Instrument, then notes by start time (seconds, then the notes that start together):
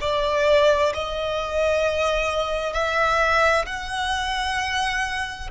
violin
0.00 D5
0.93 D#5
2.73 E5
3.65 F#5